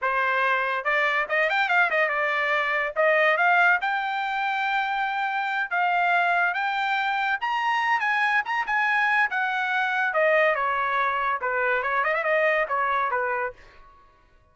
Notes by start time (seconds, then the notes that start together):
0.01 C5
0.84 D5
1.28 D#5
1.49 G5
1.69 F5
1.90 D#5
2.08 D5
2.96 D#5
3.37 F5
3.81 G5
5.70 F5
6.53 G5
7.41 A#5
8.00 G#5
8.45 A#5
8.66 G#5
9.30 F#5
10.13 D#5
10.55 C#5
11.41 B4
11.82 C#5
12.03 D#5
12.14 E5
12.23 D#5
12.68 C#5
13.10 B4